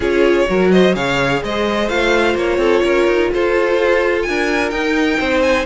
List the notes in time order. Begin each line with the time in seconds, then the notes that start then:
0.00 C#4 F4 G#4 C#5
0.47 F#3 F#4 A#4
0.71 C5 D#5
0.94 C#3 G#4 C#5 F5
1.43 G#3 C5 D#5
1.88 A3 F4 F5
2.34 A#3 C#5
2.57 C4 A4
2.83 C#4 A#4
3.07 D#4
3.33 F4 A4 C5
4.22 G#5
4.28 D4 A#4
4.69 D#4 G5
5.18 C4 C5
5.42 G#5